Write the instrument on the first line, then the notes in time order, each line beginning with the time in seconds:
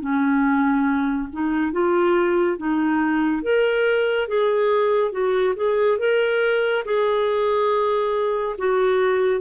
clarinet
0.00 C#4
1.32 D#4
1.72 F4
2.58 D#4
3.42 A#4
4.28 G#4
5.12 F#4
5.56 G#4
5.98 A#4
6.85 G#4
8.58 F#4